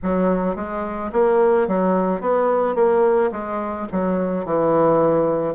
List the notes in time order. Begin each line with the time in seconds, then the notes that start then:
0.03 F#3
0.56 G#3
1.12 A#3
1.67 F#3
2.20 B3
2.75 A#3
3.31 G#3
3.91 F#3
4.44 E3